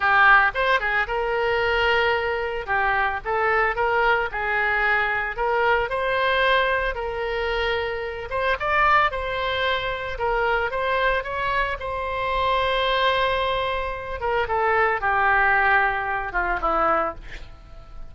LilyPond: \new Staff \with { instrumentName = "oboe" } { \time 4/4 \tempo 4 = 112 g'4 c''8 gis'8 ais'2~ | ais'4 g'4 a'4 ais'4 | gis'2 ais'4 c''4~ | c''4 ais'2~ ais'8 c''8 |
d''4 c''2 ais'4 | c''4 cis''4 c''2~ | c''2~ c''8 ais'8 a'4 | g'2~ g'8 f'8 e'4 | }